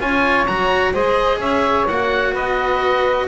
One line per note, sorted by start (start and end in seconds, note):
0.00 0.47 C#4
0.00 0.47 F4
0.00 0.92 C#5
0.00 0.47 G#5
0.47 0.94 F#3
0.47 0.94 F#4
0.47 0.93 A#5
0.92 1.39 G#3
0.92 1.87 G#4
0.92 1.39 C5
0.92 1.40 D#5
1.39 1.86 C#4
1.39 2.32 C#5
1.39 1.87 E5
1.88 2.34 A#3
1.88 3.28 F#4
1.88 2.35 F#5
2.32 3.28 B3
2.32 3.26 B4
2.32 3.28 D#5